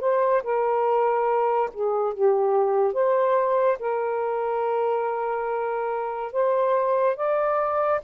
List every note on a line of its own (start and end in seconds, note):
0.00 0.42 C5
0.43 1.70 A#4
1.73 2.14 G#4
2.14 2.93 G4
2.93 3.78 C5
3.79 6.32 A#4
6.32 7.16 C5
7.16 8.01 D5